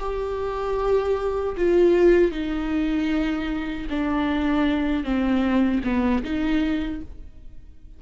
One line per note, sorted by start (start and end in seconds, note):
0.00 1.56 G4
1.57 2.32 F4
2.32 3.87 D#4
3.90 5.04 D4
5.04 5.82 C4
5.84 6.23 B3
6.24 7.02 D#4